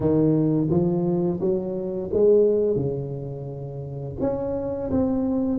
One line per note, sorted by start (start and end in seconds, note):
0.00 0.68 D#3
0.69 1.39 F3
1.40 2.10 F#3
2.13 2.76 G#3
2.76 4.15 C#3
4.20 4.90 C#4
4.91 5.58 C4